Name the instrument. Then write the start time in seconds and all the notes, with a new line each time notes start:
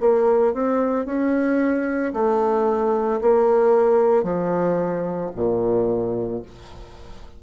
bassoon
0.00 A#3
0.54 C4
1.05 C#4
2.13 A3
3.21 A#3
4.23 F3
5.35 A#2